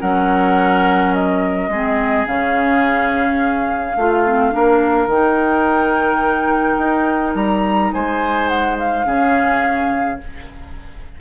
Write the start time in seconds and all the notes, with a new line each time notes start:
0.00 F#3 C#4 A#4 F#5
1.13 D#5
1.68 G#3 C4 G#4
2.27 C#3 C#4 F5
3.96 A3 F4
4.26 C4
4.51 A#3 D4 A#4
5.07 D#3 D#4 G5
6.78 D#4
7.35 G3 A#5
7.93 G#3 C5 G#5
8.48 F#5
8.79 F5
9.05 C#3 C#4 G#4